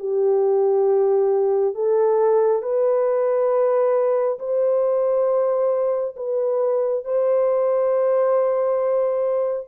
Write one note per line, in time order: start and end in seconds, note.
0.00 1.75 G4
1.75 2.63 A4
2.63 4.39 B4
4.39 6.16 C5
6.17 7.05 B4
7.05 9.69 C5